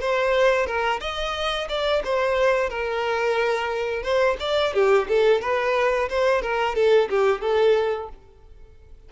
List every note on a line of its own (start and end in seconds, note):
0.00 0.66 C5
0.66 1.00 A#4
1.00 1.68 D#5
1.69 2.02 D5
2.04 2.69 C5
2.69 4.02 A#4
4.02 4.36 C5
4.39 4.73 D5
4.73 5.07 G4
5.08 5.41 A4
5.41 6.08 B4
6.09 6.42 C5
6.42 6.75 A#4
6.75 7.08 A4
7.09 7.41 G4
7.41 8.08 A4